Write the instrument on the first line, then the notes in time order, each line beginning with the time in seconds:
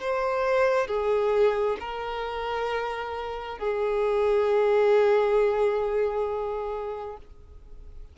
violin
0.00 C5
0.87 G#4
1.80 A#4
3.59 G#4